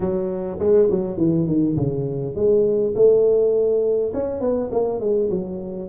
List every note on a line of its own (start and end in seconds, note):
0.00 0.58 F#3
0.59 0.88 G#3
0.90 1.17 F#3
1.17 1.46 E3
1.46 1.76 D#3
1.76 2.35 C#3
2.35 2.94 G#3
2.95 4.12 A3
4.13 4.40 C#4
4.40 4.70 B3
4.71 5.00 A#3
5.00 5.29 G#3
5.30 5.89 F#3